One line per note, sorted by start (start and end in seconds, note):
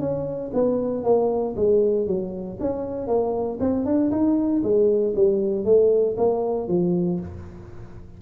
0.00 0.51 C#4
0.54 1.04 B3
1.04 1.55 A#3
1.56 2.07 G#3
2.07 2.58 F#3
2.60 3.07 C#4
3.07 3.59 A#3
3.60 3.85 C4
3.85 4.11 D4
4.11 4.63 D#4
4.63 5.15 G#3
5.16 5.65 G3
5.65 6.16 A3
6.17 6.68 A#3
6.68 7.20 F3